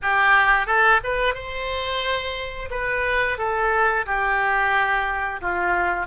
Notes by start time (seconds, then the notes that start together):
0.02 G4
0.66 A4
1.03 B4
1.34 C5
2.70 B4
3.38 A4
4.06 G4
5.41 F4